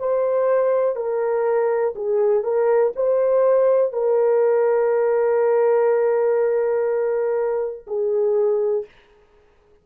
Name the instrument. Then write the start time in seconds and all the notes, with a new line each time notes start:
horn
0.00 C5
0.96 A#4
1.96 G#4
2.44 A#4
2.96 C5
3.93 A#4
7.87 G#4